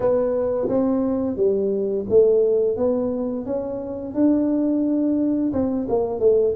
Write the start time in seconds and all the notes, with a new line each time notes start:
0.00 B3
0.68 C4
1.36 G3
2.09 A3
2.76 B3
3.45 C#4
4.14 D4
5.52 C4
5.88 A#3
6.19 A3